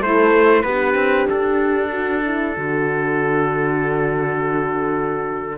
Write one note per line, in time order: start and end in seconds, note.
0.00 0.64 A3
0.00 0.65 E4
0.00 0.64 A4
0.00 0.63 C5
0.63 0.95 B3
0.63 5.58 D4
0.63 1.91 G4
0.63 1.27 B4
0.95 1.27 C4
1.30 2.58 D4
1.30 5.58 A4
1.91 2.23 F#4
2.25 2.57 E4
2.57 5.58 D3
2.57 5.58 F#4